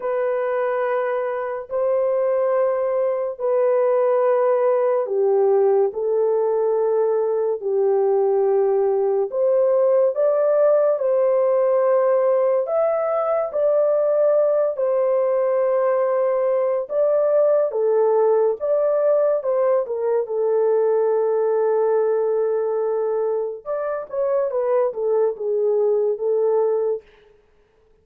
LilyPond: \new Staff \with { instrumentName = "horn" } { \time 4/4 \tempo 4 = 71 b'2 c''2 | b'2 g'4 a'4~ | a'4 g'2 c''4 | d''4 c''2 e''4 |
d''4. c''2~ c''8 | d''4 a'4 d''4 c''8 ais'8 | a'1 | d''8 cis''8 b'8 a'8 gis'4 a'4 | }